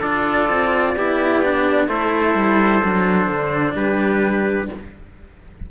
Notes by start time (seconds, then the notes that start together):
0.00 D4 F4 A4 D5
0.50 C4
0.96 B3 E4 G4
1.44 D4
1.88 A3 E4 A4 C5
2.35 G3
2.83 F#3 D4
3.27 D3
3.75 G3 G4 B4